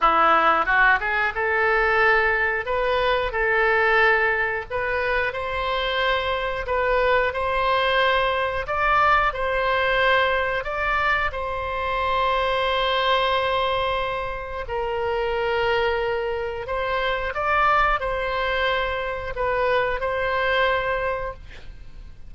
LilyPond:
\new Staff \with { instrumentName = "oboe" } { \time 4/4 \tempo 4 = 90 e'4 fis'8 gis'8 a'2 | b'4 a'2 b'4 | c''2 b'4 c''4~ | c''4 d''4 c''2 |
d''4 c''2.~ | c''2 ais'2~ | ais'4 c''4 d''4 c''4~ | c''4 b'4 c''2 | }